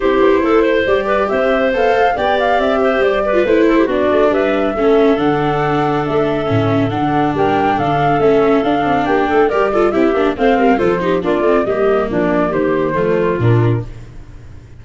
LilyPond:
<<
  \new Staff \with { instrumentName = "flute" } { \time 4/4 \tempo 4 = 139 c''2 d''4 e''4 | f''4 g''8 f''8 e''4 d''4 | c''4 d''4 e''2 | fis''2 e''2 |
fis''4 g''4 f''4 e''4 | f''4 g''4 d''4 e''4 | f''4 c''4 d''4 dis''4 | d''4 c''2 ais'4 | }
  \new Staff \with { instrumentName = "clarinet" } { \time 4/4 g'4 a'8 c''4 b'8 c''4~ | c''4 d''4. c''4 b'8~ | b'8 a'16 g'16 fis'4 b'4 a'4~ | a'1~ |
a'4 ais'4 a'2~ | a'4 g'8 a'8 ais'8 a'8 g'4 | c''8 ais'8 a'8 g'8 f'4 g'4 | d'4 g'4 f'2 | }
  \new Staff \with { instrumentName = "viola" } { \time 4/4 e'2 g'2 | a'4 g'2~ g'8. f'16 | e'4 d'2 cis'4 | d'2. cis'4 |
d'2. cis'4 | d'2 g'8 f'8 e'8 d'8 | c'4 f'8 dis'8 d'8 c'8 ais4~ | ais2 a4 d'4 | }
  \new Staff \with { instrumentName = "tuba" } { \time 4/4 c'8 b8 a4 g4 c'4 | b8 a8 b4 c'4 g4 | a4 b8 a8 g4 a4 | d2 a4 a,4 |
d4 g4 d4 a4 | d'8 c'8 ais8 a8 g4 c'8 ais8 | a8 g8 f4 ais8 a8 g4 | f4 dis4 f4 ais,4 | }
>>